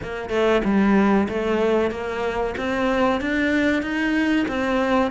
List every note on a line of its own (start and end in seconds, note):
0.02 0.29 A#3
0.29 0.61 A3
0.64 1.28 G3
1.29 1.91 A3
1.91 2.54 A#3
2.57 3.21 C4
3.21 3.82 D4
3.82 4.46 D#4
4.47 5.11 C4